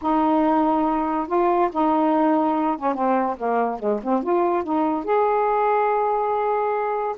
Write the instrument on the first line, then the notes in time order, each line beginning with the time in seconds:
saxophone
0.01 D#4
1.27 F4
1.72 D#4
2.77 C#4
2.94 C4
3.37 A#3
3.79 G#3
4.03 C4
4.23 F4
4.63 D#4
5.04 G#4